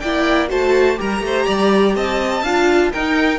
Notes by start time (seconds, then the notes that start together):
0.00 A#3 E4 D5 G5
0.48 A3 F#4 C5 A5
0.97 G3 G4 A#4 A#5
1.21 A3
1.27 C5
1.47 G3 D5
1.96 C4 D#5 A5
2.43 D4 F4 F5
2.92 D#4 A#4 G5